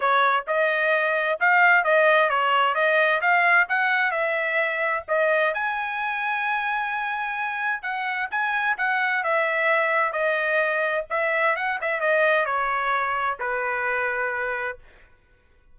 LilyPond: \new Staff \with { instrumentName = "trumpet" } { \time 4/4 \tempo 4 = 130 cis''4 dis''2 f''4 | dis''4 cis''4 dis''4 f''4 | fis''4 e''2 dis''4 | gis''1~ |
gis''4 fis''4 gis''4 fis''4 | e''2 dis''2 | e''4 fis''8 e''8 dis''4 cis''4~ | cis''4 b'2. | }